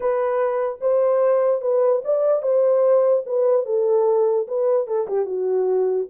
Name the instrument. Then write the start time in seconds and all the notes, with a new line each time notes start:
horn
0.00 B4
0.81 C5
1.61 B4
2.04 D5
2.42 C5
3.25 B4
3.65 A4
4.47 B4
4.87 A4
5.07 G4
5.25 F#4